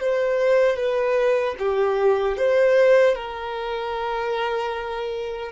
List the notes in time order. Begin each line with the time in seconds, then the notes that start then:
0.00 C5
0.76 B4
1.59 G4
2.37 C5
3.15 A#4